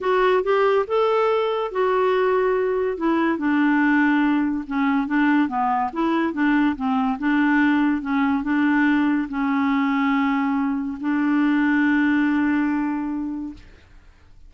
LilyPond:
\new Staff \with { instrumentName = "clarinet" } { \time 4/4 \tempo 4 = 142 fis'4 g'4 a'2 | fis'2. e'4 | d'2. cis'4 | d'4 b4 e'4 d'4 |
c'4 d'2 cis'4 | d'2 cis'2~ | cis'2 d'2~ | d'1 | }